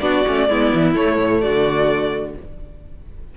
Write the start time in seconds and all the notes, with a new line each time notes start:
0.00 B3 D4 F#4 D5
0.27 A3 C#4
0.49 G#3 B3 E4
0.74 E3
0.95 A3 C#5
1.20 A2
1.42 D3 F#4 D5